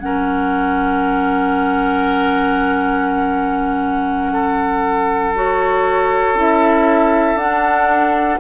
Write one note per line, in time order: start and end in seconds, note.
0.00 6.34 F#3
0.00 5.34 C#4
0.00 4.33 A#4
0.00 5.35 F#5
4.33 8.40 A4
5.35 6.36 F#4
5.35 6.38 C#5
6.34 7.35 C#4
6.34 7.38 E4
6.34 7.38 E5
7.36 8.37 D4
7.36 8.40 D4
7.36 8.40 F#5